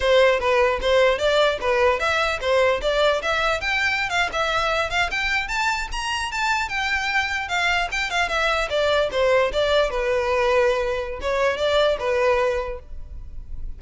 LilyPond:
\new Staff \with { instrumentName = "violin" } { \time 4/4 \tempo 4 = 150 c''4 b'4 c''4 d''4 | b'4 e''4 c''4 d''4 | e''4 g''4~ g''16 f''8 e''4~ e''16~ | e''16 f''8 g''4 a''4 ais''4 a''16~ |
a''8. g''2 f''4 g''16~ | g''16 f''8 e''4 d''4 c''4 d''16~ | d''8. b'2.~ b'16 | cis''4 d''4 b'2 | }